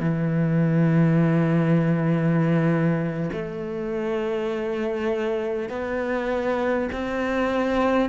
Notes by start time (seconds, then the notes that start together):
0.00 E3
3.32 A3
5.69 B3
6.92 C4